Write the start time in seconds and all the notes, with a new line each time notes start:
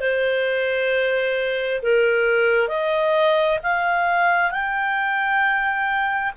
0.00 C5
1.83 A#4
2.68 D#5
3.63 F5
4.51 G5